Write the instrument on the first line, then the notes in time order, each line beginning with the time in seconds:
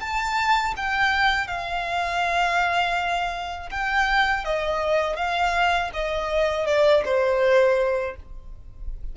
violin
0.00 A5
0.76 G5
1.47 F5
3.71 G5
4.45 D#5
5.16 F5
5.94 D#5
6.66 D5
7.05 C5